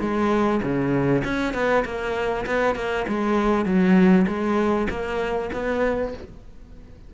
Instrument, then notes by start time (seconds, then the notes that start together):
cello
0.00 G#3
0.62 C#3
1.24 C#4
1.53 B3
1.85 A#3
2.46 B3
2.75 A#3
3.07 G#3
3.65 F#3
4.27 G#3
4.89 A#3
5.53 B3